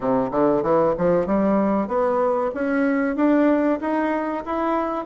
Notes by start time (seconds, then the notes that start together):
0.00 C3
0.31 D3
0.62 E3
0.97 F3
1.26 G3
1.87 B3
2.54 C#4
3.16 D4
3.81 D#4
4.45 E4